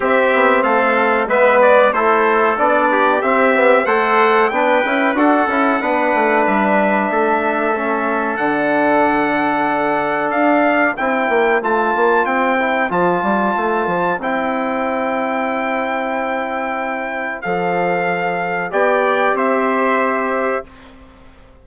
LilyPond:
<<
  \new Staff \with { instrumentName = "trumpet" } { \time 4/4 \tempo 4 = 93 e''4 f''4 e''8 d''8 c''4 | d''4 e''4 fis''4 g''4 | fis''2 e''2~ | e''4 fis''2. |
f''4 g''4 a''4 g''4 | a''2 g''2~ | g''2. f''4~ | f''4 g''4 e''2 | }
  \new Staff \with { instrumentName = "trumpet" } { \time 4/4 g'4 a'4 b'4 a'4~ | a'8 g'4. c''4 b'4 | a'4 b'2 a'4~ | a'1~ |
a'4 c''2.~ | c''1~ | c''1~ | c''4 d''4 c''2 | }
  \new Staff \with { instrumentName = "trombone" } { \time 4/4 c'2 b4 e'4 | d'4 c'8 b8 a'4 d'8 e'8 | fis'8 e'8 d'2. | cis'4 d'2.~ |
d'4 e'4 f'4. e'8 | f'2 e'2~ | e'2. a'4~ | a'4 g'2. | }
  \new Staff \with { instrumentName = "bassoon" } { \time 4/4 c'8 b8 a4 gis4 a4 | b4 c'4 a4 b8 cis'8 | d'8 cis'8 b8 a8 g4 a4~ | a4 d2. |
d'4 c'8 ais8 a8 ais8 c'4 | f8 g8 a8 f8 c'2~ | c'2. f4~ | f4 b4 c'2 | }
>>